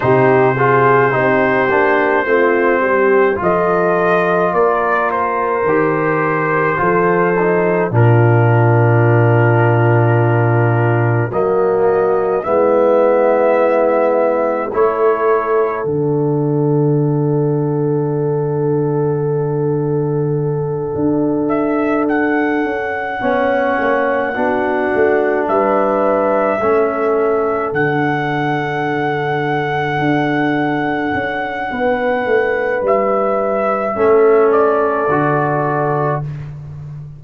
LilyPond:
<<
  \new Staff \with { instrumentName = "trumpet" } { \time 4/4 \tempo 4 = 53 c''2. dis''4 | d''8 c''2~ c''8 ais'4~ | ais'2 dis''4 e''4~ | e''4 cis''4 fis''2~ |
fis''2. e''8 fis''8~ | fis''2~ fis''8 e''4.~ | e''8 fis''2.~ fis''8~ | fis''4 e''4. d''4. | }
  \new Staff \with { instrumentName = "horn" } { \time 4/4 g'8 gis'8 g'4 f'8 g'8 a'4 | ais'2 a'4 f'4~ | f'2 fis'4 e'4~ | e'4 a'2.~ |
a'1~ | a'8 cis''4 fis'4 b'4 a'8~ | a'1 | b'2 a'2 | }
  \new Staff \with { instrumentName = "trombone" } { \time 4/4 dis'8 f'8 dis'8 d'8 c'4 f'4~ | f'4 g'4 f'8 dis'8 d'4~ | d'2 ais4 b4~ | b4 e'4 d'2~ |
d'1~ | d'8 cis'4 d'2 cis'8~ | cis'8 d'2.~ d'8~ | d'2 cis'4 fis'4 | }
  \new Staff \with { instrumentName = "tuba" } { \time 4/4 c4 c'8 ais8 a8 g8 f4 | ais4 dis4 f4 ais,4~ | ais,2 fis4 gis4~ | gis4 a4 d2~ |
d2~ d8 d'4. | cis'8 b8 ais8 b8 a8 g4 a8~ | a8 d2 d'4 cis'8 | b8 a8 g4 a4 d4 | }
>>